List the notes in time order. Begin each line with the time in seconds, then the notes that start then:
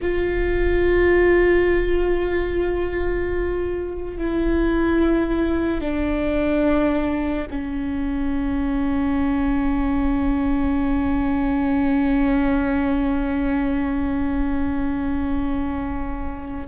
0.02 F4
4.17 E4
5.80 D4
7.50 C#4